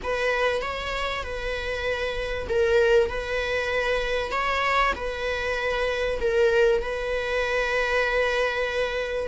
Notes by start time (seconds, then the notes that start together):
0.03 B4
0.61 C#5
1.23 B4
2.49 A#4
3.09 B4
4.31 C#5
4.95 B4
6.20 A#4
6.82 B4